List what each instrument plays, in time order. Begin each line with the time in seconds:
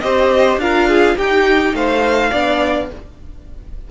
0.00 cello C4, viola G4, violin C5 D#5
0.57 cello D4, viola F4, violin A#4 F5
0.89 violin G#4
1.17 cello D#4, viola D#4, violin G4 G5
1.73 cello A3, violin C5 F5
2.30 cello B3, viola D4, violin D5